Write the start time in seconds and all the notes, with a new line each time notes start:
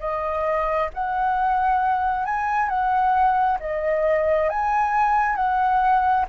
0.00 D#5
0.94 F#5
2.26 G#5
2.69 F#5
3.60 D#5
4.49 G#5
5.36 F#5